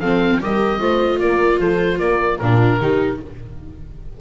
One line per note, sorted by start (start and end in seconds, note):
0.00 0.41 F3
0.00 0.41 C4
0.00 0.40 A4
0.00 0.40 F5
0.41 0.80 G3
0.41 0.80 G4
0.41 0.81 A#4
0.41 1.20 D#5
0.80 1.20 A3
0.80 2.40 F4
0.80 1.21 C5
1.20 1.60 A#3
1.20 1.60 A#4
1.20 1.60 D5
1.60 2.00 F3
1.60 2.00 A4
1.60 2.00 C5
2.00 2.40 A#3
2.00 2.40 A#4
2.00 2.39 D5
2.39 2.81 A#2
2.39 2.81 D4
2.39 2.81 F4
2.39 3.19 A#4
2.81 3.21 D#3
2.81 3.21 D#4
2.81 3.21 G4